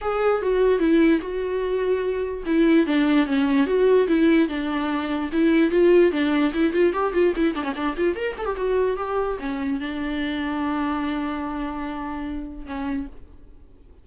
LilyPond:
\new Staff \with { instrumentName = "viola" } { \time 4/4 \tempo 4 = 147 gis'4 fis'4 e'4 fis'4~ | fis'2 e'4 d'4 | cis'4 fis'4 e'4 d'4~ | d'4 e'4 f'4 d'4 |
e'8 f'8 g'8 f'8 e'8 d'16 cis'16 d'8 f'8 | ais'8 a'16 g'16 fis'4 g'4 cis'4 | d'1~ | d'2. cis'4 | }